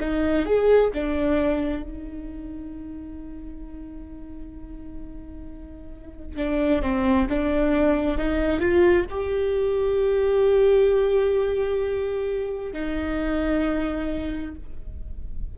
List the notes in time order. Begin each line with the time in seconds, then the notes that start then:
0.00 D#4
0.45 G#4
0.93 D4
1.83 D#4
6.36 D4
6.82 C4
7.29 D4
8.17 D#4
8.60 F4
9.10 G4
12.73 D#4